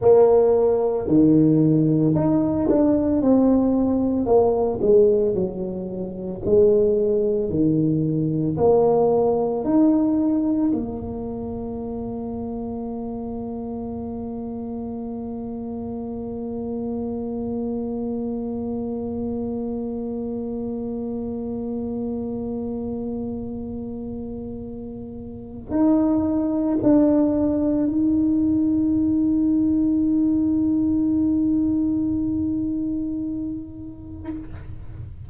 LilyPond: \new Staff \with { instrumentName = "tuba" } { \time 4/4 \tempo 4 = 56 ais4 dis4 dis'8 d'8 c'4 | ais8 gis8 fis4 gis4 dis4 | ais4 dis'4 ais2~ | ais1~ |
ais1~ | ais1 | dis'4 d'4 dis'2~ | dis'1 | }